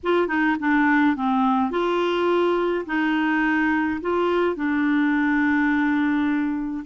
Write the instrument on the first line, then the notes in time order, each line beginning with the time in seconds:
clarinet
0.03 F4
0.27 D#4
0.59 D4
1.16 C4
1.70 F4
2.86 D#4
4.01 F4
4.56 D4